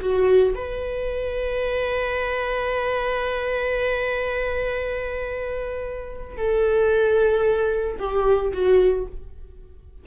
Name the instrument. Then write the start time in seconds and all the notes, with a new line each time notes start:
viola
0.00 F#4
0.54 B4
6.37 A4
7.98 G4
8.53 F#4